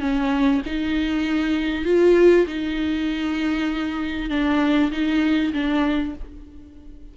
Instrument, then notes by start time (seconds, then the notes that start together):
viola
0.00 C#4
0.66 D#4
1.85 F4
2.47 D#4
4.30 D4
4.91 D#4
5.53 D4